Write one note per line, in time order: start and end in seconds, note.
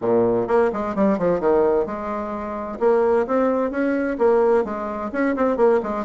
0.01 0.47 A#2
0.47 0.70 A#3
0.72 0.95 G#3
0.95 1.18 G3
1.18 1.40 F3
1.40 1.85 D#3
1.85 2.78 G#3
2.79 3.26 A#3
3.26 3.70 C4
3.70 4.17 C#4
4.18 4.64 A#3
4.64 5.11 G#3
5.12 5.35 C#4
5.36 5.57 C4
5.57 5.80 A#3
5.82 6.05 G#3